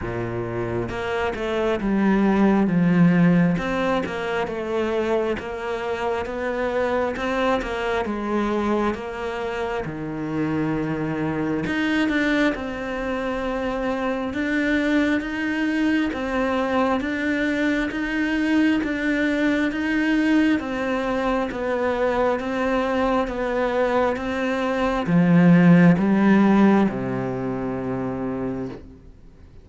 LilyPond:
\new Staff \with { instrumentName = "cello" } { \time 4/4 \tempo 4 = 67 ais,4 ais8 a8 g4 f4 | c'8 ais8 a4 ais4 b4 | c'8 ais8 gis4 ais4 dis4~ | dis4 dis'8 d'8 c'2 |
d'4 dis'4 c'4 d'4 | dis'4 d'4 dis'4 c'4 | b4 c'4 b4 c'4 | f4 g4 c2 | }